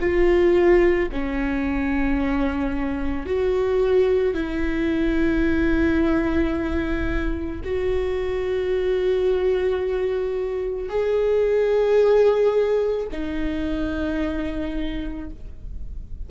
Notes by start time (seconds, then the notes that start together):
0.00 F4
1.12 C#4
3.26 F#4
4.34 E4
7.64 F#4
10.89 G#4
13.12 D#4